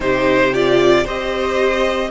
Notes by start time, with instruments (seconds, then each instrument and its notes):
0.00 cello C3, viola D#4, violin G4 C5
0.53 viola F4, violin D5
1.04 cello C4, viola G4, violin C5 D#5